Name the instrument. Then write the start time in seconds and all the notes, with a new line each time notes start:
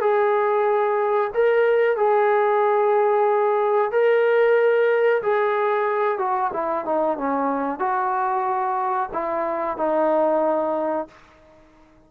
trombone
0.00 G#4
1.34 A#4
1.96 G#4
3.91 A#4
5.22 G#4
6.18 F#4
6.53 E4
6.85 D#4
7.17 C#4
7.79 F#4
9.13 E4
9.77 D#4